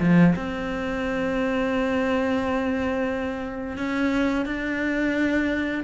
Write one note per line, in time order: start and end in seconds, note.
0.00 0.34 F3
0.35 3.77 C4
3.77 4.45 C#4
4.45 5.83 D4